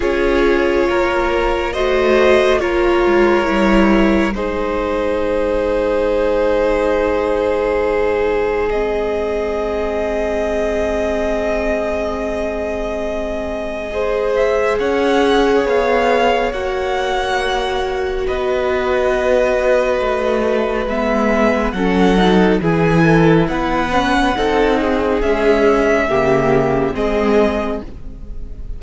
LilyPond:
<<
  \new Staff \with { instrumentName = "violin" } { \time 4/4 \tempo 4 = 69 cis''2 dis''4 cis''4~ | cis''4 c''2.~ | c''2 dis''2~ | dis''1~ |
dis''8 e''8 fis''4 f''4 fis''4~ | fis''4 dis''2. | e''4 fis''4 gis''4 fis''4~ | fis''4 e''2 dis''4 | }
  \new Staff \with { instrumentName = "violin" } { \time 4/4 gis'4 ais'4 c''4 ais'4~ | ais'4 gis'2.~ | gis'1~ | gis'1 |
c''4 cis''2.~ | cis''4 b'2.~ | b'4 a'4 gis'8 a'8 b'4 | a'8 gis'4. g'4 gis'4 | }
  \new Staff \with { instrumentName = "viola" } { \time 4/4 f'2 fis'4 f'4 | e'4 dis'2.~ | dis'2 c'2~ | c'1 |
gis'2. fis'4~ | fis'1 | b4 cis'8 dis'8 e'4. cis'8 | dis'4 gis4 ais4 c'4 | }
  \new Staff \with { instrumentName = "cello" } { \time 4/4 cis'4 ais4 a4 ais8 gis8 | g4 gis2.~ | gis1~ | gis1~ |
gis4 cis'4 b4 ais4~ | ais4 b2 a4 | gis4 fis4 e4 b4 | c'4 cis'4 cis4 gis4 | }
>>